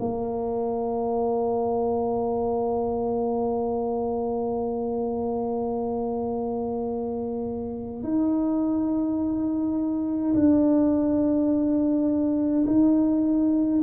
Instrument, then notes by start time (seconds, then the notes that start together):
tuba
0.00 A#3
8.03 D#4
10.35 D4
12.67 D#4